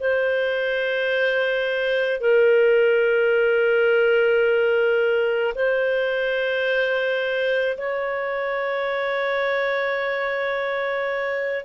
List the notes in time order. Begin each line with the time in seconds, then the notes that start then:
0.00 C5
2.21 A#4
5.55 C5
7.78 C#5